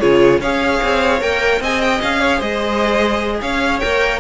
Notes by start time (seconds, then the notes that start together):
0.00 C#3 F4 G#4 C#5
0.41 C#4 G#4 C#5 F5
0.83 C4
1.21 A#3 A#4 G5
1.61 C4 G#4 D#5 G#5
1.82 G5
2.02 C#4 F5
2.21 C#5
2.37 G#3 C5 D#5
3.42 C#4 C#5 F5
3.80 A#3 A#4 G5